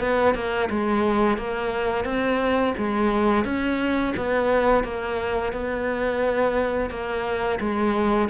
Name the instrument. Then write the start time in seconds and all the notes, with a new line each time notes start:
cello
0.00 B3
0.34 A#3
0.70 G#3
1.38 A#3
2.05 C4
2.77 G#3
3.45 C#4
4.16 B3
4.84 A#3
5.52 B3
6.90 A#3
7.60 G#3